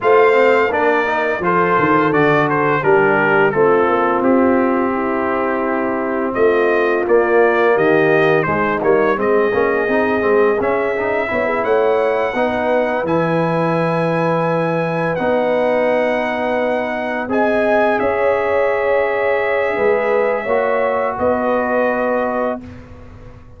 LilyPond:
<<
  \new Staff \with { instrumentName = "trumpet" } { \time 4/4 \tempo 4 = 85 f''4 d''4 c''4 d''8 c''8 | ais'4 a'4 g'2~ | g'4 dis''4 d''4 dis''4 | c''8 cis''8 dis''2 e''4~ |
e''8 fis''2 gis''4.~ | gis''4. fis''2~ fis''8~ | fis''8 gis''4 e''2~ e''8~ | e''2 dis''2 | }
  \new Staff \with { instrumentName = "horn" } { \time 4/4 c''4 ais'4 a'2 | g'4 f'2 e'4~ | e'4 f'2 g'4 | dis'4 gis'2. |
cis''16 gis'16 cis''4 b'2~ b'8~ | b'1~ | b'8 dis''4 cis''2~ cis''8 | b'4 cis''4 b'2 | }
  \new Staff \with { instrumentName = "trombone" } { \time 4/4 f'8 c'8 d'8 dis'8 f'4 fis'4 | d'4 c'2.~ | c'2 ais2 | gis8 ais8 c'8 cis'8 dis'8 c'8 cis'8 dis'8 |
e'4. dis'4 e'4.~ | e'4. dis'2~ dis'8~ | dis'8 gis'2.~ gis'8~ | gis'4 fis'2. | }
  \new Staff \with { instrumentName = "tuba" } { \time 4/4 a4 ais4 f8 dis8 d4 | g4 a8 ais8 c'2~ | c'4 a4 ais4 dis4 | gis8 g8 gis8 ais8 c'8 gis8 cis'4 |
b8 a4 b4 e4.~ | e4. b2~ b8~ | b8 c'4 cis'2~ cis'8 | gis4 ais4 b2 | }
>>